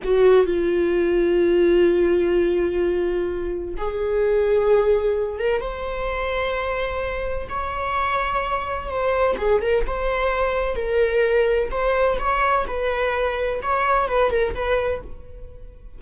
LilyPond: \new Staff \with { instrumentName = "viola" } { \time 4/4 \tempo 4 = 128 fis'4 f'2.~ | f'1 | gis'2.~ gis'8 ais'8 | c''1 |
cis''2. c''4 | gis'8 ais'8 c''2 ais'4~ | ais'4 c''4 cis''4 b'4~ | b'4 cis''4 b'8 ais'8 b'4 | }